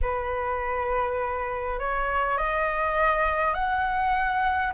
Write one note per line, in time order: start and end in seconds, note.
0.01 1.79 B4
1.79 2.37 C#5
2.37 3.53 D#5
3.53 4.72 F#5